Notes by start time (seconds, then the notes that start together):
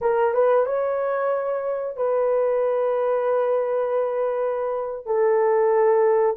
0.01 A#4
0.34 B4
0.66 C#5
1.96 B4
5.05 A4